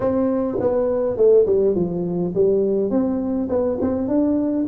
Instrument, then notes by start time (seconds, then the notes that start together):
tuba
0.00 C4
0.60 B3
1.16 A3
1.46 G3
1.75 F3
2.34 G3
2.90 C4
3.49 B3
3.80 C4
4.08 D4